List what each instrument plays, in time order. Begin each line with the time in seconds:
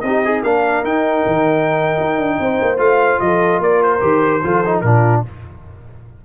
0.00 tuba C4, trombone D#4, trumpet D#5
0.06 horn G4
0.25 horn D#4, trombone G#4
0.42 tuba A#3, trombone D4, horn A#4, trumpet F5
0.83 tuba D#4, trombone D#4, trumpet G5
1.26 tuba D#3
2.00 tuba D#4
2.18 tuba D4
2.39 tuba C4, horn C5
2.61 tuba A#3
2.77 tuba A3, trombone F4, trumpet F5
3.20 tuba F3, horn A4, trumpet D#5
3.59 tuba A#3, horn A#4, trumpet D5
3.82 trumpet C5
4.00 tuba D#3, trombone G4
4.43 tuba F3, trombone F4, horn A4
4.65 trombone D#4
4.81 tuba A#2, trombone D4, horn F4, trumpet A#4